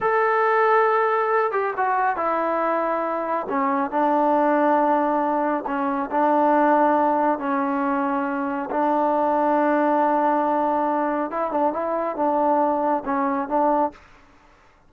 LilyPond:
\new Staff \with { instrumentName = "trombone" } { \time 4/4 \tempo 4 = 138 a'2.~ a'8 g'8 | fis'4 e'2. | cis'4 d'2.~ | d'4 cis'4 d'2~ |
d'4 cis'2. | d'1~ | d'2 e'8 d'8 e'4 | d'2 cis'4 d'4 | }